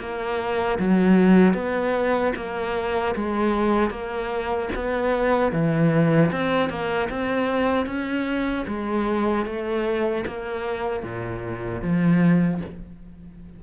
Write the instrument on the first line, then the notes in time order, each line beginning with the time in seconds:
cello
0.00 A#3
0.80 F#3
1.54 B3
2.36 A#3
3.16 G#3
3.90 A#3
4.76 B3
5.53 E3
6.32 C4
6.70 A#3
7.10 C4
7.87 C#4
8.67 G#3
9.46 A3
10.27 A#3
11.03 A#2
11.82 F3